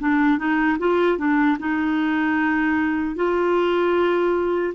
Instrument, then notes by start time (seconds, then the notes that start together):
clarinet
0.00 D4
0.39 D#4
0.79 F4
1.18 D4
1.59 D#4
3.16 F4